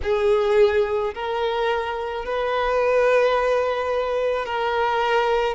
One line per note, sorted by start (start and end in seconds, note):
0.03 1.14 G#4
1.14 2.25 A#4
2.25 4.45 B4
4.45 5.55 A#4